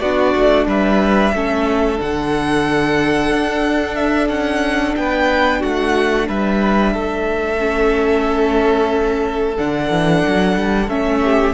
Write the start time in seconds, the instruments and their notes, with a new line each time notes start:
0.00 cello B3, viola D4, violin F#4 D5
0.35 cello A3
0.66 cello G3, violin B4 E5
1.34 cello A3, viola C#4, violin A4
1.97 cello D3, viola D4, violin F#5
3.32 cello D4
3.95 violin E5
4.29 cello C#4, violin F#5
4.96 cello B3, violin B4 G5
5.60 cello A3, violin F#4 F#5
6.28 cello G3, violin B4 E5
6.94 cello A3, violin A4
7.58 viola C#4
9.57 cello D3, viola D4, violin F#5
9.90 cello E3
10.27 cello F#3
10.56 cello G3
10.88 cello A3, viola C#4, violin E5
11.23 violin G4